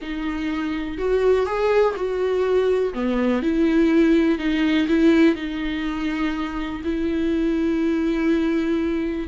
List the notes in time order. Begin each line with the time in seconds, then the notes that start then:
0.01 D#4
0.98 F#4
1.46 G#4
1.95 F#4
2.93 B3
3.42 E4
4.38 D#4
4.88 E4
5.35 D#4
6.84 E4